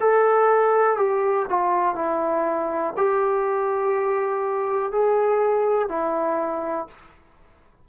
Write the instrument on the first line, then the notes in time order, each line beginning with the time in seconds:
trombone
0.00 A4
0.97 G4
1.49 F4
1.95 E4
2.96 G4
4.92 G#4
5.89 E4